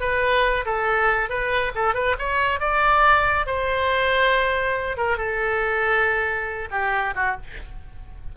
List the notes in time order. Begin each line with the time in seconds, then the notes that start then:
0.00 B4
0.65 A4
1.29 B4
1.75 A4
1.94 B4
2.19 C#5
2.60 D5
3.46 C5
4.97 A#4
5.17 A4
6.71 G4
7.15 F#4